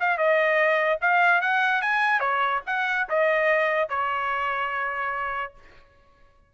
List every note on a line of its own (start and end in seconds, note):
0.00 0.18 F5
0.18 1.00 D#5
1.01 1.41 F5
1.41 1.82 F#5
1.82 2.20 G#5
2.20 2.61 C#5
2.67 3.08 F#5
3.09 3.89 D#5
3.89 5.54 C#5